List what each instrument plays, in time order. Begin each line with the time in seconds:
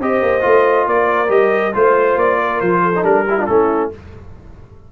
0.00 tuba C4, trombone G4, horn C5, trumpet D#5
0.22 tuba A#3
0.41 tuba A3, trombone F4
0.87 tuba A#3, horn A#4, trumpet D5
1.29 tuba G3, trombone G4, trumpet D#5
1.73 tuba A3, trombone F4, horn C5, trumpet C5
2.16 tuba A#3, trumpet D5
2.41 horn A#4
2.61 tuba F3, trumpet C5
2.82 horn A4
2.96 trombone D#4
3.03 tuba G3, trombone D4, trumpet A#4
3.28 trombone E4, horn G4
3.38 trombone D4, horn F4
3.46 tuba A3, trombone C#4, horn E4, trumpet A4